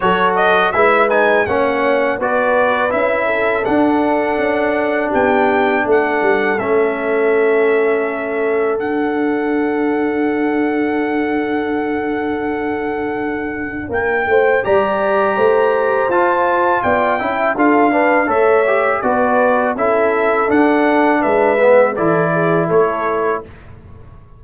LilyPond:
<<
  \new Staff \with { instrumentName = "trumpet" } { \time 4/4 \tempo 4 = 82 cis''8 dis''8 e''8 gis''8 fis''4 d''4 | e''4 fis''2 g''4 | fis''4 e''2. | fis''1~ |
fis''2. g''4 | ais''2 a''4 g''4 | f''4 e''4 d''4 e''4 | fis''4 e''4 d''4 cis''4 | }
  \new Staff \with { instrumentName = "horn" } { \time 4/4 a'4 b'4 cis''4 b'4~ | b'8 a'2~ a'8 g'4 | a'1~ | a'1~ |
a'2. ais'8 c''8 | d''4 c''2 d''8 e''8 | a'8 b'8 cis''4 b'4 a'4~ | a'4 b'4 a'8 gis'8 a'4 | }
  \new Staff \with { instrumentName = "trombone" } { \time 4/4 fis'4 e'8 dis'8 cis'4 fis'4 | e'4 d'2.~ | d'4 cis'2. | d'1~ |
d'1 | g'2 f'4. e'8 | f'8 d'8 a'8 g'8 fis'4 e'4 | d'4. b8 e'2 | }
  \new Staff \with { instrumentName = "tuba" } { \time 4/4 fis4 gis4 ais4 b4 | cis'4 d'4 cis'4 b4 | a8 g8 a2. | d'1~ |
d'2. ais8 a8 | g4 a4 f'4 b8 cis'8 | d'4 a4 b4 cis'4 | d'4 gis4 e4 a4 | }
>>